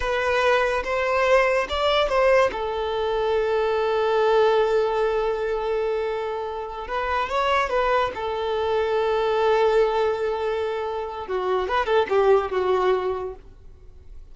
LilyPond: \new Staff \with { instrumentName = "violin" } { \time 4/4 \tempo 4 = 144 b'2 c''2 | d''4 c''4 a'2~ | a'1~ | a'1~ |
a'8 b'4 cis''4 b'4 a'8~ | a'1~ | a'2. fis'4 | b'8 a'8 g'4 fis'2 | }